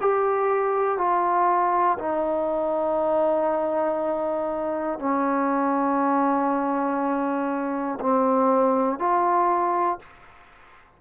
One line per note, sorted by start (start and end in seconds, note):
0.00 0.97 G4
0.97 1.97 F4
1.99 4.99 D#4
4.99 7.99 C#4
8.00 8.99 C4
8.99 9.99 F4